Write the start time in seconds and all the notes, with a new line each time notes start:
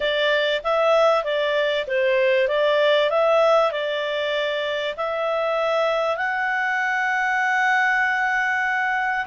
0.00 D5
0.63 E5
1.23 D5
1.87 C5
2.47 D5
3.10 E5
3.71 D5
4.97 E5
6.16 F#5